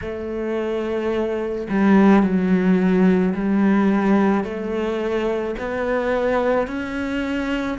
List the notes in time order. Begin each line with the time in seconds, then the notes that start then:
0.01 A3
1.69 G3
2.22 F#3
3.34 G3
4.44 A3
5.58 B3
6.67 C#4